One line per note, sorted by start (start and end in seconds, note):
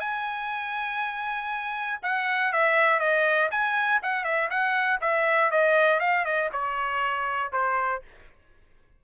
0.00 2.00 G#5
2.03 2.53 F#5
2.53 3.00 E5
3.00 3.50 D#5
3.51 4.01 G#5
4.03 4.24 F#5
4.24 4.49 E5
4.50 5.00 F#5
5.01 5.51 E5
5.51 6.00 D#5
6.00 6.25 F5
6.25 6.50 D#5
6.53 7.52 C#5
7.52 8.02 C5